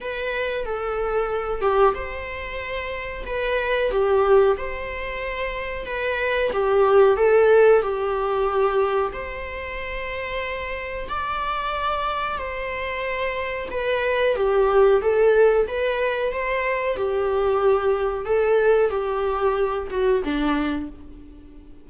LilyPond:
\new Staff \with { instrumentName = "viola" } { \time 4/4 \tempo 4 = 92 b'4 a'4. g'8 c''4~ | c''4 b'4 g'4 c''4~ | c''4 b'4 g'4 a'4 | g'2 c''2~ |
c''4 d''2 c''4~ | c''4 b'4 g'4 a'4 | b'4 c''4 g'2 | a'4 g'4. fis'8 d'4 | }